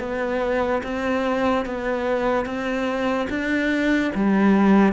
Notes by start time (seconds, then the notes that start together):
0.00 B3
0.83 C4
1.66 B3
2.46 C4
3.30 D4
4.15 G3